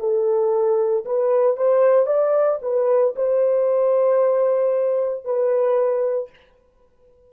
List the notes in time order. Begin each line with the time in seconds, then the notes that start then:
0.00 A4
1.06 B4
1.57 C5
2.07 D5
2.63 B4
3.16 C5
5.25 B4